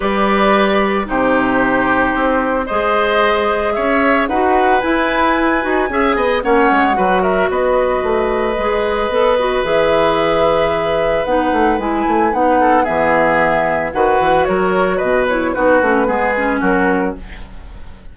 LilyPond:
<<
  \new Staff \with { instrumentName = "flute" } { \time 4/4 \tempo 4 = 112 d''2 c''2~ | c''4 dis''2 e''4 | fis''4 gis''2. | fis''4. e''8 dis''2~ |
dis''2 e''2~ | e''4 fis''4 gis''4 fis''4 | e''2 fis''4 cis''4 | dis''8 cis''8 b'2 ais'4 | }
  \new Staff \with { instrumentName = "oboe" } { \time 4/4 b'2 g'2~ | g'4 c''2 cis''4 | b'2. e''8 dis''8 | cis''4 b'8 ais'8 b'2~ |
b'1~ | b'2.~ b'8 a'8 | gis'2 b'4 ais'4 | b'4 fis'4 gis'4 fis'4 | }
  \new Staff \with { instrumentName = "clarinet" } { \time 4/4 g'2 dis'2~ | dis'4 gis'2. | fis'4 e'4. fis'8 gis'4 | cis'4 fis'2. |
gis'4 a'8 fis'8 gis'2~ | gis'4 dis'4 e'4 dis'4 | b2 fis'2~ | fis'8 e'8 dis'8 cis'8 b8 cis'4. | }
  \new Staff \with { instrumentName = "bassoon" } { \time 4/4 g2 c2 | c'4 gis2 cis'4 | dis'4 e'4. dis'8 cis'8 b8 | ais8 gis8 fis4 b4 a4 |
gis4 b4 e2~ | e4 b8 a8 gis8 a8 b4 | e2 dis8 e8 fis4 | b,4 b8 a8 gis4 fis4 | }
>>